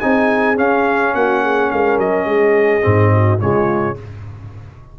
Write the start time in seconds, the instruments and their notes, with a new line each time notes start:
0.00 tuba C4, trombone D#4, horn G#4, trumpet G#5
0.56 trombone C#4, tuba C#4, trumpet F5
1.15 tuba A#3, horn F#4, trumpet F#5
1.42 horn G#4
1.71 tuba G#3, horn A#4, trumpet F5
1.98 tuba F#3, trumpet D#5
2.25 tuba G#3, horn G#4
2.82 tuba G#2, trombone C4
3.13 horn F#4
3.39 tuba C#3, trombone G#3, horn F4, trumpet C#5